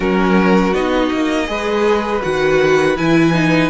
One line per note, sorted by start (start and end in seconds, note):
0.00 0.73 F#3
0.00 0.73 C#4
0.00 1.44 F#4
0.00 0.74 A#4
0.73 1.10 B3
0.73 1.46 D#4
0.73 2.22 D#5
1.11 1.48 A#3
1.46 2.22 G#3
1.46 2.20 G#4
1.46 3.70 B4
2.22 2.97 D#3
2.22 2.96 F#4
2.22 2.96 F#5
2.97 3.70 E3
2.97 3.33 E4
2.97 3.70 G#5
3.33 3.70 D#4